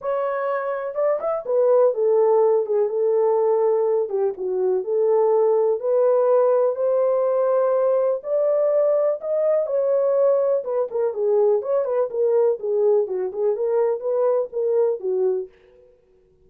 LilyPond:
\new Staff \with { instrumentName = "horn" } { \time 4/4 \tempo 4 = 124 cis''2 d''8 e''8 b'4 | a'4. gis'8 a'2~ | a'8 g'8 fis'4 a'2 | b'2 c''2~ |
c''4 d''2 dis''4 | cis''2 b'8 ais'8 gis'4 | cis''8 b'8 ais'4 gis'4 fis'8 gis'8 | ais'4 b'4 ais'4 fis'4 | }